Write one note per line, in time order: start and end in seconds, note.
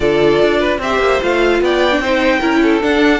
0.00 0.40 D3
0.00 0.80 F4
0.00 0.59 A4
0.00 0.80 D5
0.41 0.78 D4
0.59 0.79 B4
0.78 0.98 C4
0.78 1.21 G4
0.78 1.62 C5
0.78 1.22 E5
0.98 1.19 A#3
1.21 1.60 A3
1.21 1.92 F4
1.21 1.63 F5
1.60 1.99 B3
1.60 2.01 D5
1.60 2.82 G5
1.92 2.02 D4
1.99 2.39 C4
1.99 2.40 D#4
1.99 2.39 C5
2.39 2.82 C#4
2.39 2.81 E4
2.39 2.59 A#4
2.62 3.20 A4
2.81 3.20 D4
2.81 3.20 F#5